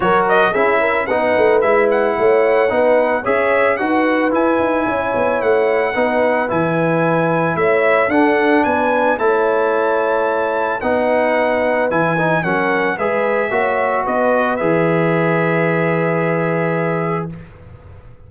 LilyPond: <<
  \new Staff \with { instrumentName = "trumpet" } { \time 4/4 \tempo 4 = 111 cis''8 dis''8 e''4 fis''4 e''8 fis''8~ | fis''2 e''4 fis''4 | gis''2 fis''2 | gis''2 e''4 fis''4 |
gis''4 a''2. | fis''2 gis''4 fis''4 | e''2 dis''4 e''4~ | e''1 | }
  \new Staff \with { instrumentName = "horn" } { \time 4/4 ais'4 gis'8 ais'8 b'2 | cis''4 b'4 cis''4 b'4~ | b'4 cis''2 b'4~ | b'2 cis''4 a'4 |
b'4 cis''2. | b'2. ais'4 | b'4 cis''4 b'2~ | b'1 | }
  \new Staff \with { instrumentName = "trombone" } { \time 4/4 fis'4 e'4 dis'4 e'4~ | e'4 dis'4 gis'4 fis'4 | e'2. dis'4 | e'2. d'4~ |
d'4 e'2. | dis'2 e'8 dis'8 cis'4 | gis'4 fis'2 gis'4~ | gis'1 | }
  \new Staff \with { instrumentName = "tuba" } { \time 4/4 fis4 cis'4 b8 a8 gis4 | a4 b4 cis'4 dis'4 | e'8 dis'8 cis'8 b8 a4 b4 | e2 a4 d'4 |
b4 a2. | b2 e4 fis4 | gis4 ais4 b4 e4~ | e1 | }
>>